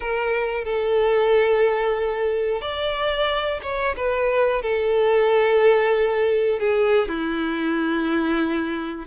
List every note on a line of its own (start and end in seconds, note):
0.00 0.64 A#4
0.64 2.61 A4
2.61 3.60 D5
3.62 3.95 C#5
3.96 4.62 B4
4.62 6.59 A4
6.59 7.08 G#4
7.08 9.06 E4